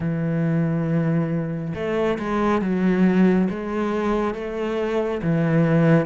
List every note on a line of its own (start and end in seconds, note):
0.00 1.74 E3
1.74 2.18 A3
2.18 2.61 G#3
2.61 3.48 F#3
3.49 4.34 G#3
4.34 5.21 A3
5.22 6.06 E3